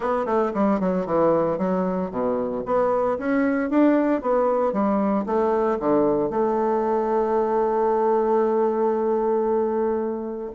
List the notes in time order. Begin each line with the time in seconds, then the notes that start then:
0.00 B3
0.25 A3
0.54 G3
0.79 F#3
1.06 E3
1.58 F#3
2.10 B2
2.65 B3
3.18 C#4
3.70 D4
4.21 B3
4.72 G3
5.25 A3
5.79 D3
6.30 A3